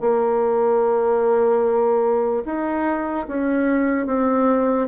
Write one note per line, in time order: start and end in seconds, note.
0.00 2.43 A#3
2.45 3.26 D#4
3.28 4.06 C#4
4.06 4.87 C4